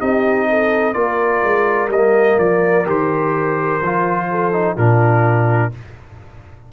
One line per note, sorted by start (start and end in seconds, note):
0.00 0.95 C4
0.00 0.94 D#4
0.00 0.48 G4
0.00 0.93 D#5
0.50 0.95 A4
0.93 1.43 A#3
0.93 1.89 F4
0.93 4.28 A#4
0.93 1.89 D5
1.44 1.89 G#3
1.89 2.37 G3
1.89 2.39 D#5
1.95 2.86 A#3
2.39 2.86 F3
2.39 2.87 D5
2.86 3.81 D#3
2.86 3.81 G4
2.86 4.78 C5
3.82 4.77 F3
3.82 4.53 F4
4.31 4.75 A4
4.53 4.76 D#4
4.75 5.73 A#2
4.75 5.72 D4
4.75 5.71 F4
4.75 5.73 A#4